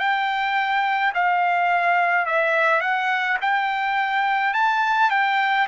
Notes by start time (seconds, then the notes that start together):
0.00 G5
1.15 F5
2.26 E5
2.81 F#5
3.42 G5
4.54 A5
5.11 G5